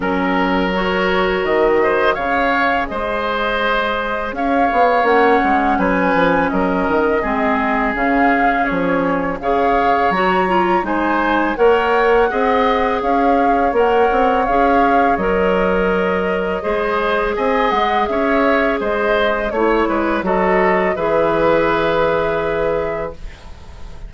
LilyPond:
<<
  \new Staff \with { instrumentName = "flute" } { \time 4/4 \tempo 4 = 83 ais'4 cis''4 dis''4 f''4 | dis''2 f''4 fis''4 | gis''4 dis''2 f''4 | cis''4 f''4 ais''4 gis''4 |
fis''2 f''4 fis''4 | f''4 dis''2. | gis''8 fis''8 e''4 dis''4 cis''4 | dis''4 e''2. | }
  \new Staff \with { instrumentName = "oboe" } { \time 4/4 ais'2~ ais'8 c''8 cis''4 | c''2 cis''2 | b'4 ais'4 gis'2~ | gis'4 cis''2 c''4 |
cis''4 dis''4 cis''2~ | cis''2. c''4 | dis''4 cis''4 c''4 cis''8 b'8 | a'4 b'2. | }
  \new Staff \with { instrumentName = "clarinet" } { \time 4/4 cis'4 fis'2 gis'4~ | gis'2. cis'4~ | cis'2 c'4 cis'4~ | cis'4 gis'4 fis'8 f'8 dis'4 |
ais'4 gis'2 ais'4 | gis'4 ais'2 gis'4~ | gis'2. e'4 | fis'4 gis'2. | }
  \new Staff \with { instrumentName = "bassoon" } { \time 4/4 fis2 dis4 cis4 | gis2 cis'8 b8 ais8 gis8 | fis8 f8 fis8 dis8 gis4 cis4 | f4 cis4 fis4 gis4 |
ais4 c'4 cis'4 ais8 c'8 | cis'4 fis2 gis4 | c'8 gis8 cis'4 gis4 a8 gis8 | fis4 e2. | }
>>